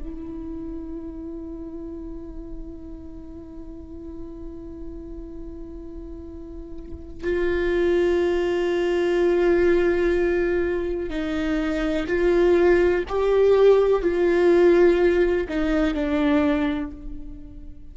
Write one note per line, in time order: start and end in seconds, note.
0.00 7.24 E4
7.24 11.10 F4
11.10 12.07 D#4
12.07 13.04 F4
13.09 14.03 G4
14.03 15.48 F4
15.49 15.95 D#4
15.95 16.92 D4